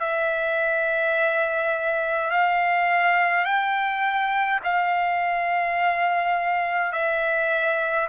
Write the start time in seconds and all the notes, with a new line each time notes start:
0.00 E5
2.31 F5
3.45 G5
4.64 F5
6.92 E5